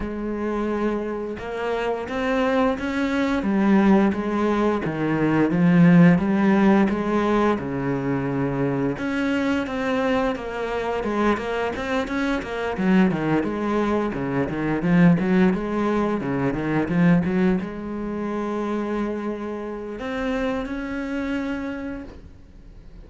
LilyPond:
\new Staff \with { instrumentName = "cello" } { \time 4/4 \tempo 4 = 87 gis2 ais4 c'4 | cis'4 g4 gis4 dis4 | f4 g4 gis4 cis4~ | cis4 cis'4 c'4 ais4 |
gis8 ais8 c'8 cis'8 ais8 fis8 dis8 gis8~ | gis8 cis8 dis8 f8 fis8 gis4 cis8 | dis8 f8 fis8 gis2~ gis8~ | gis4 c'4 cis'2 | }